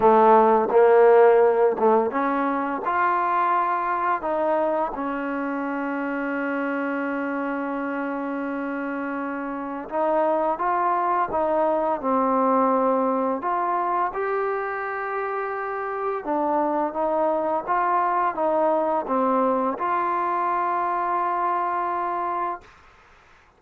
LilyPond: \new Staff \with { instrumentName = "trombone" } { \time 4/4 \tempo 4 = 85 a4 ais4. a8 cis'4 | f'2 dis'4 cis'4~ | cis'1~ | cis'2 dis'4 f'4 |
dis'4 c'2 f'4 | g'2. d'4 | dis'4 f'4 dis'4 c'4 | f'1 | }